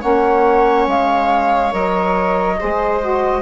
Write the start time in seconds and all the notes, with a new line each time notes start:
0.00 A#3 C#4 C#5 F#5
0.87 G#3 F5
1.71 F#3 A#4 D#5
2.59 G#3 G#4 C5
3.01 F#4